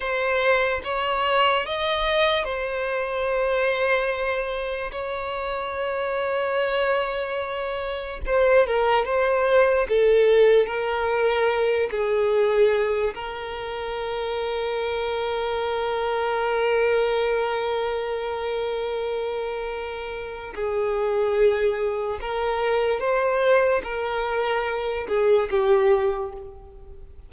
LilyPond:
\new Staff \with { instrumentName = "violin" } { \time 4/4 \tempo 4 = 73 c''4 cis''4 dis''4 c''4~ | c''2 cis''2~ | cis''2 c''8 ais'8 c''4 | a'4 ais'4. gis'4. |
ais'1~ | ais'1~ | ais'4 gis'2 ais'4 | c''4 ais'4. gis'8 g'4 | }